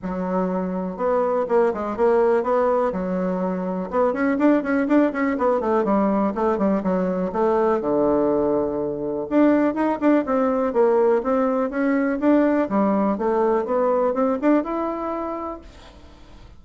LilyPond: \new Staff \with { instrumentName = "bassoon" } { \time 4/4 \tempo 4 = 123 fis2 b4 ais8 gis8 | ais4 b4 fis2 | b8 cis'8 d'8 cis'8 d'8 cis'8 b8 a8 | g4 a8 g8 fis4 a4 |
d2. d'4 | dis'8 d'8 c'4 ais4 c'4 | cis'4 d'4 g4 a4 | b4 c'8 d'8 e'2 | }